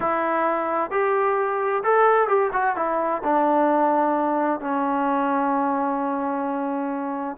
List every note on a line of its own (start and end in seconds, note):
0.00 0.91 E4
0.91 1.83 G4
1.83 2.27 A4
2.27 2.50 G4
2.53 2.76 F#4
2.76 3.22 E4
3.23 4.60 D4
4.60 7.37 C#4